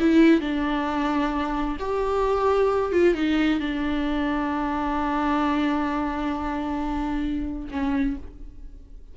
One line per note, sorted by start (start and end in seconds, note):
0.00 0.41 E4
0.41 1.77 D4
1.80 2.92 G4
2.92 3.15 F4
3.15 3.60 D#4
3.60 7.69 D4
7.71 8.17 C#4